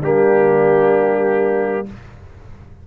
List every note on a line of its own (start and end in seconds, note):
0.00 1.85 G3
0.00 1.86 A#3
0.00 1.84 D4
0.00 1.87 G4